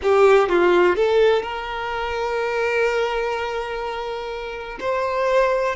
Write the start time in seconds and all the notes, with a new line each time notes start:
0.02 G4
0.48 F4
0.96 A4
1.42 A#4
4.80 C5